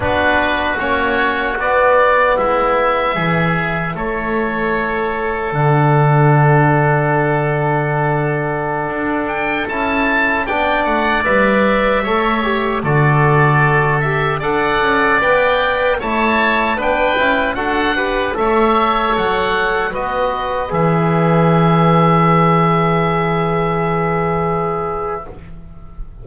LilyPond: <<
  \new Staff \with { instrumentName = "oboe" } { \time 4/4 \tempo 4 = 76 b'4 cis''4 d''4 e''4~ | e''4 cis''2 fis''4~ | fis''2.~ fis''8. g''16~ | g''16 a''4 g''8 fis''8 e''4.~ e''16~ |
e''16 d''4. e''8 fis''4 g''8.~ | g''16 a''4 g''4 fis''4 e''8.~ | e''16 fis''4 dis''4 e''4.~ e''16~ | e''1 | }
  \new Staff \with { instrumentName = "oboe" } { \time 4/4 fis'2. e'4 | gis'4 a'2.~ | a'1~ | a'4~ a'16 d''2 cis''8.~ |
cis''16 a'2 d''4.~ d''16~ | d''16 cis''4 b'4 a'8 b'8 cis''8.~ | cis''4~ cis''16 b'2~ b'8.~ | b'1 | }
  \new Staff \with { instrumentName = "trombone" } { \time 4/4 d'4 cis'4 b2 | e'2. d'4~ | d'1~ | d'16 e'4 d'4 b'4 a'8 g'16~ |
g'16 fis'4. g'8 a'4 b'8.~ | b'16 e'4 d'8 e'8 fis'8 g'8 a'8.~ | a'4~ a'16 fis'4 gis'4.~ gis'16~ | gis'1 | }
  \new Staff \with { instrumentName = "double bass" } { \time 4/4 b4 ais4 b4 gis4 | e4 a2 d4~ | d2.~ d16 d'8.~ | d'16 cis'4 b8 a8 g4 a8.~ |
a16 d2 d'8 cis'8 b8.~ | b16 a4 b8 cis'8 d'4 a8.~ | a16 fis4 b4 e4.~ e16~ | e1 | }
>>